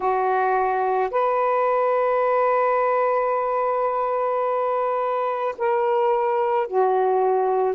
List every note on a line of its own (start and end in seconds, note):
0.00 1.10 F#4
1.11 5.55 B4
5.58 6.67 A#4
6.67 7.75 F#4